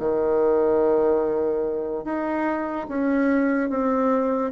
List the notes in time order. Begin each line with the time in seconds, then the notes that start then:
0.00 D#3
2.05 D#4
2.89 C#4
3.70 C4